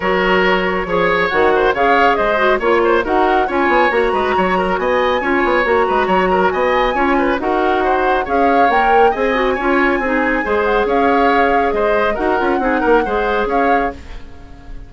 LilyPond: <<
  \new Staff \with { instrumentName = "flute" } { \time 4/4 \tempo 4 = 138 cis''2. fis''4 | f''4 dis''4 cis''4 fis''4 | gis''4 ais''2 gis''4~ | gis''4 ais''2 gis''4~ |
gis''4 fis''2 f''4 | g''4 gis''2.~ | gis''8 fis''8 f''2 dis''4 | fis''2. f''4 | }
  \new Staff \with { instrumentName = "oboe" } { \time 4/4 ais'2 cis''4. c''8 | cis''4 c''4 cis''8 c''8 ais'4 | cis''4. b'8 cis''8 ais'8 dis''4 | cis''4. b'8 cis''8 ais'8 dis''4 |
cis''8 b'8 ais'4 c''4 cis''4~ | cis''4 dis''4 cis''4 gis'4 | c''4 cis''2 c''4 | ais'4 gis'8 ais'8 c''4 cis''4 | }
  \new Staff \with { instrumentName = "clarinet" } { \time 4/4 fis'2 gis'4 fis'4 | gis'4. fis'8 f'4 fis'4 | f'4 fis'2. | f'4 fis'2. |
f'4 fis'2 gis'4 | ais'4 gis'8 fis'8 f'4 dis'4 | gis'1 | fis'8 f'8 dis'4 gis'2 | }
  \new Staff \with { instrumentName = "bassoon" } { \time 4/4 fis2 f4 dis4 | cis4 gis4 ais4 dis'4 | cis'8 b8 ais8 gis8 fis4 b4 | cis'8 b8 ais8 gis8 fis4 b4 |
cis'4 dis'2 cis'4 | ais4 c'4 cis'4 c'4 | gis4 cis'2 gis4 | dis'8 cis'8 c'8 ais8 gis4 cis'4 | }
>>